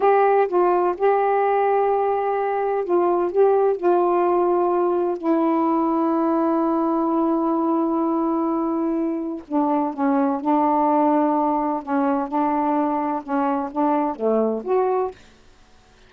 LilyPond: \new Staff \with { instrumentName = "saxophone" } { \time 4/4 \tempo 4 = 127 g'4 f'4 g'2~ | g'2 f'4 g'4 | f'2. e'4~ | e'1~ |
e'1 | d'4 cis'4 d'2~ | d'4 cis'4 d'2 | cis'4 d'4 a4 fis'4 | }